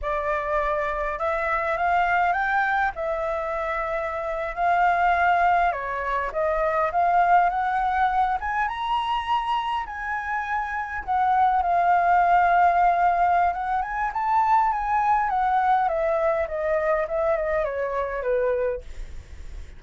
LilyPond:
\new Staff \with { instrumentName = "flute" } { \time 4/4 \tempo 4 = 102 d''2 e''4 f''4 | g''4 e''2~ e''8. f''16~ | f''4.~ f''16 cis''4 dis''4 f''16~ | f''8. fis''4. gis''8 ais''4~ ais''16~ |
ais''8. gis''2 fis''4 f''16~ | f''2. fis''8 gis''8 | a''4 gis''4 fis''4 e''4 | dis''4 e''8 dis''8 cis''4 b'4 | }